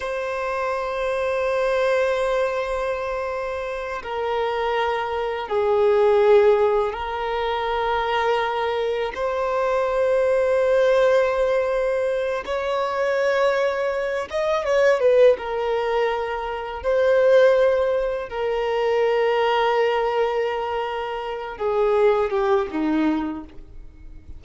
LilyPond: \new Staff \with { instrumentName = "violin" } { \time 4/4 \tempo 4 = 82 c''1~ | c''4. ais'2 gis'8~ | gis'4. ais'2~ ais'8~ | ais'8 c''2.~ c''8~ |
c''4 cis''2~ cis''8 dis''8 | cis''8 b'8 ais'2 c''4~ | c''4 ais'2.~ | ais'4. gis'4 g'8 dis'4 | }